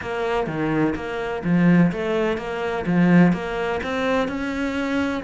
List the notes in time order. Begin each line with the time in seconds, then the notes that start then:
0.01 A#3
0.46 D#3
0.95 A#3
1.44 F3
1.92 A3
2.37 A#3
2.86 F3
3.32 A#3
3.83 C4
4.27 C#4